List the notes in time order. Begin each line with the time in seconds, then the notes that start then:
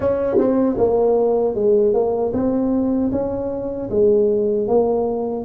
0.00 C#4
0.38 C4
0.77 A#3
1.54 G#3
1.93 A#3
2.33 C4
3.11 C#4
3.90 G#3
4.67 A#3